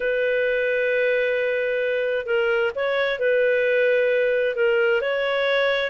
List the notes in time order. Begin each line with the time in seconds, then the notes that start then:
0.00 B4
2.25 A#4
2.75 C#5
3.19 B4
4.55 A#4
5.01 C#5